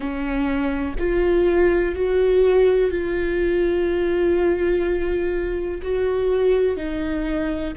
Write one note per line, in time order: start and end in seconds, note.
0.00 0.95 C#4
0.99 1.95 F4
1.95 2.90 F#4
2.90 5.81 F4
5.82 6.77 F#4
6.77 7.73 D#4